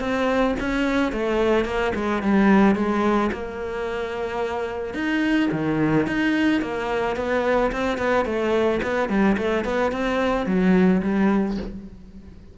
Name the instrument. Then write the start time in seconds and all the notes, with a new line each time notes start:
cello
0.00 C4
0.60 C#4
1.13 A3
1.65 A#3
1.95 G#3
2.23 G3
2.75 G#3
3.32 A#3
4.94 D#4
5.52 D#3
6.07 D#4
6.62 A#3
7.17 B3
7.72 C4
7.98 B3
8.25 A3
8.83 B3
9.09 G3
9.37 A3
9.65 B3
9.92 C4
10.46 F#3
11.02 G3